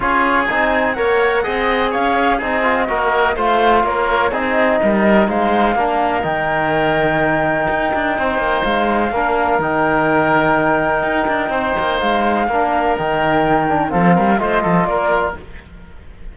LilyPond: <<
  \new Staff \with { instrumentName = "flute" } { \time 4/4 \tempo 4 = 125 cis''4 gis''4 fis''2 | f''4 dis''2 f''4 | cis''4 dis''2 f''4~ | f''4 g''2.~ |
g''2 f''2 | g''1~ | g''4 f''2 g''4~ | g''4 f''4 dis''4 d''4 | }
  \new Staff \with { instrumentName = "oboe" } { \time 4/4 gis'2 cis''4 dis''4 | cis''4 gis'4 ais'4 c''4 | ais'4 gis'4 ais'4 c''4 | ais'1~ |
ais'4 c''2 ais'4~ | ais'1 | c''2 ais'2~ | ais'4 a'8 ais'8 c''8 a'8 ais'4 | }
  \new Staff \with { instrumentName = "trombone" } { \time 4/4 f'4 dis'4 ais'4 gis'4~ | gis'4 dis'8 f'8 fis'4 f'4~ | f'4 dis'2. | d'4 dis'2.~ |
dis'2. d'4 | dis'1~ | dis'2 d'4 dis'4~ | dis'8 d'8 c'4 f'2 | }
  \new Staff \with { instrumentName = "cello" } { \time 4/4 cis'4 c'4 ais4 c'4 | cis'4 c'4 ais4 a4 | ais4 c'4 g4 gis4 | ais4 dis2. |
dis'8 d'8 c'8 ais8 gis4 ais4 | dis2. dis'8 d'8 | c'8 ais8 gis4 ais4 dis4~ | dis4 f8 g8 a8 f8 ais4 | }
>>